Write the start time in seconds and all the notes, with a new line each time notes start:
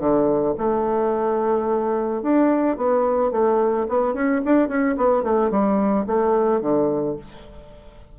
0.00 D3
0.58 A3
2.23 D4
2.77 B3
3.32 A3
3.89 B3
4.14 C#4
4.45 D4
4.69 C#4
4.98 B3
5.23 A3
5.51 G3
6.07 A3
6.62 D3